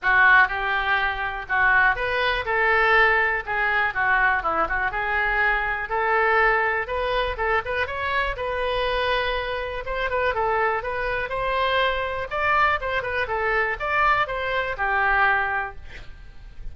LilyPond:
\new Staff \with { instrumentName = "oboe" } { \time 4/4 \tempo 4 = 122 fis'4 g'2 fis'4 | b'4 a'2 gis'4 | fis'4 e'8 fis'8 gis'2 | a'2 b'4 a'8 b'8 |
cis''4 b'2. | c''8 b'8 a'4 b'4 c''4~ | c''4 d''4 c''8 b'8 a'4 | d''4 c''4 g'2 | }